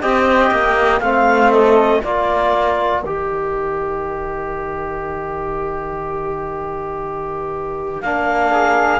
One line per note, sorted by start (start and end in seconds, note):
0.00 0.51 C4
0.00 1.01 G4
0.00 1.00 D#5
0.00 1.00 G5
0.51 1.01 A#3
1.00 2.01 A3
1.00 2.03 C4
1.00 1.50 F5
1.00 1.52 F5
1.52 2.00 A4
1.52 2.02 D#5
2.00 3.04 A#3
2.00 3.03 F4
2.00 8.50 A#4
2.00 3.02 D5
3.02 8.02 D#3
3.02 8.04 G4
3.02 8.01 D#5
8.01 8.99 A#3
8.01 8.99 D4
8.01 8.99 F5
8.50 8.99 G#4